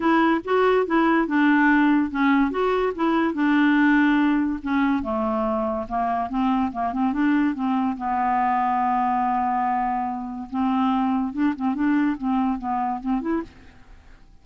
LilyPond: \new Staff \with { instrumentName = "clarinet" } { \time 4/4 \tempo 4 = 143 e'4 fis'4 e'4 d'4~ | d'4 cis'4 fis'4 e'4 | d'2. cis'4 | a2 ais4 c'4 |
ais8 c'8 d'4 c'4 b4~ | b1~ | b4 c'2 d'8 c'8 | d'4 c'4 b4 c'8 e'8 | }